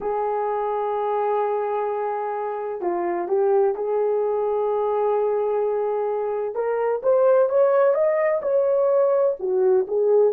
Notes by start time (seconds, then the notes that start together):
0.00 G#4
2.81 F4
3.28 G4
3.75 G#4
6.54 A#4
7.02 C5
7.49 C#5
7.94 D#5
8.42 C#5
9.39 F#4
9.87 G#4